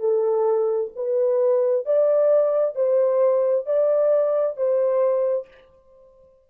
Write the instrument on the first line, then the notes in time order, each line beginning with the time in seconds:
horn
0.00 A4
0.96 B4
1.86 D5
2.76 C5
3.67 D5
4.57 C5